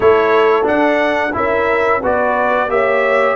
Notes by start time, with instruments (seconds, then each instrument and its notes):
0.00 tuba A3, trombone E4, horn A4, trumpet C#5
0.62 trombone D4, tuba D4, trumpet F#5
1.33 tuba C#4, trombone E4, horn A#4, trumpet E5
2.01 tuba B3, trombone F#4, horn B4, trumpet D5
2.69 tuba A#3, trombone G4, horn C#5, trumpet E5